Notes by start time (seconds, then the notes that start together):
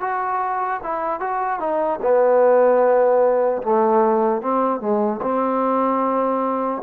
0.00 F#4
0.83 E4
1.20 F#4
1.59 D#4
2.02 B3
3.62 A3
4.41 C4
4.80 G#3
5.22 C4